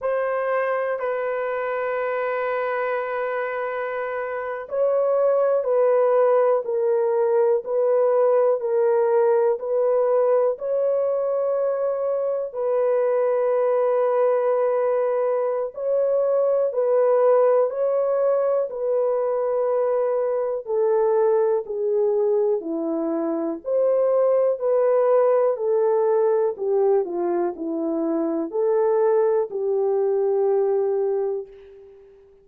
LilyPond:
\new Staff \with { instrumentName = "horn" } { \time 4/4 \tempo 4 = 61 c''4 b'2.~ | b'8. cis''4 b'4 ais'4 b'16~ | b'8. ais'4 b'4 cis''4~ cis''16~ | cis''8. b'2.~ b'16 |
cis''4 b'4 cis''4 b'4~ | b'4 a'4 gis'4 e'4 | c''4 b'4 a'4 g'8 f'8 | e'4 a'4 g'2 | }